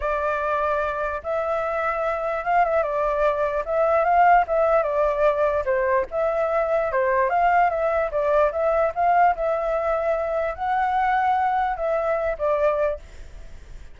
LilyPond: \new Staff \with { instrumentName = "flute" } { \time 4/4 \tempo 4 = 148 d''2. e''4~ | e''2 f''8 e''8 d''4~ | d''4 e''4 f''4 e''4 | d''2 c''4 e''4~ |
e''4 c''4 f''4 e''4 | d''4 e''4 f''4 e''4~ | e''2 fis''2~ | fis''4 e''4. d''4. | }